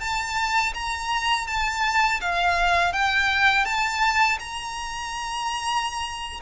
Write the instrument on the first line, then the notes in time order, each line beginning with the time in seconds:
violin
0.00 A5
0.74 A#5
1.47 A5
2.21 F5
2.93 G5
3.66 A5
4.39 A#5